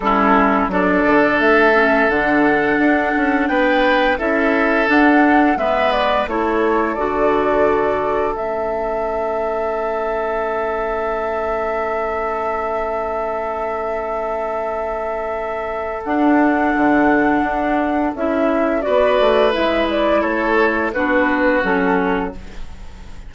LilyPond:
<<
  \new Staff \with { instrumentName = "flute" } { \time 4/4 \tempo 4 = 86 a'4 d''4 e''4 fis''4~ | fis''4 g''4 e''4 fis''4 | e''8 d''8 cis''4 d''2 | e''1~ |
e''1~ | e''2. fis''4~ | fis''2 e''4 d''4 | e''8 d''8 cis''4 b'4 a'4 | }
  \new Staff \with { instrumentName = "oboe" } { \time 4/4 e'4 a'2.~ | a'4 b'4 a'2 | b'4 a'2.~ | a'1~ |
a'1~ | a'1~ | a'2. b'4~ | b'4 a'4 fis'2 | }
  \new Staff \with { instrumentName = "clarinet" } { \time 4/4 cis'4 d'4. cis'8 d'4~ | d'2 e'4 d'4 | b4 e'4 fis'2 | cis'1~ |
cis'1~ | cis'2. d'4~ | d'2 e'4 fis'4 | e'2 d'4 cis'4 | }
  \new Staff \with { instrumentName = "bassoon" } { \time 4/4 g4 fis8 d8 a4 d4 | d'8 cis'8 b4 cis'4 d'4 | gis4 a4 d2 | a1~ |
a1~ | a2. d'4 | d4 d'4 cis'4 b8 a8 | gis4 a4 b4 fis4 | }
>>